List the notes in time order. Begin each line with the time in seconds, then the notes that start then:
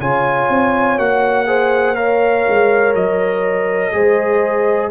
0.00 C#3 F4 C#5 G#5
0.50 C4
0.99 A#3 F#4 F#5
1.47 G#4 C5
1.96 A#4 C#5 F5
2.49 G#3
2.95 F#3 D#5
3.93 G#3 G#4 C5